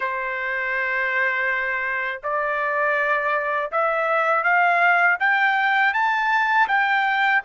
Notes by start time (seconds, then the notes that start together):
0.00 C5
2.23 D5
3.71 E5
4.43 F5
5.19 G5
5.93 A5
6.67 G5